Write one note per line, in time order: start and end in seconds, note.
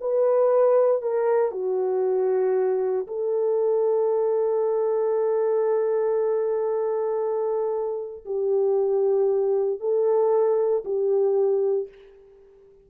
0.00 1.02 B4
1.02 1.51 A#4
1.51 3.07 F#4
3.07 8.24 A4
8.25 9.80 G4
9.80 10.83 A4
10.85 11.88 G4